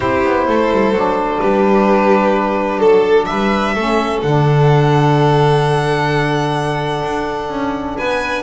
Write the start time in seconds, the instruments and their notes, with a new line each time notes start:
0.00 double bass C4, saxophone E4, violin G4 C5
0.23 double bass B3
0.47 double bass A3, violin A4
0.71 double bass G3
0.92 double bass F#3, saxophone D4
1.39 double bass G3, violin G4 B4
2.79 double bass F#3, violin A4
3.25 double bass G3, violin B4 E5
3.74 double bass A3, saxophone C#4, violin A4
4.22 double bass D3, saxophone D4, violin F#5
7.02 double bass D4
7.48 double bass C#4
7.97 double bass B3, violin B4 G#5